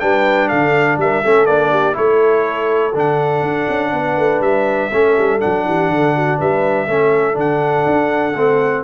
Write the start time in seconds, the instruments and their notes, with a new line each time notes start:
0.00 tuba G3, trombone D4, horn B4, trumpet G5
0.49 tuba D3, horn A4, trumpet F5
0.98 tuba G3, horn A#4, trumpet E5
1.24 tuba A3, trombone C#4, horn A4
1.46 tuba A#3, trombone D4, trumpet D5
1.71 horn G4
1.93 tuba A3, trombone E4, horn A4, trumpet C#5
2.94 tuba D3, trombone D4, trumpet F#5
3.42 tuba D4
3.69 tuba C#4
3.93 tuba B3, horn B4
4.17 tuba A3
4.41 tuba G3, trumpet E5
4.92 tuba A3, trombone C#4, horn A4
5.19 tuba G3
5.40 tuba F#3, trombone D4, trumpet F#5
5.65 tuba E3, horn G4
5.90 tuba D3, horn A4
6.15 horn F#4
6.38 tuba G3, horn B4, trumpet E5
6.87 tuba A3, trombone C#4, horn A4
7.34 tuba D3, trombone D4, trumpet F#5
7.86 tuba D4
8.35 tuba A3, trombone C4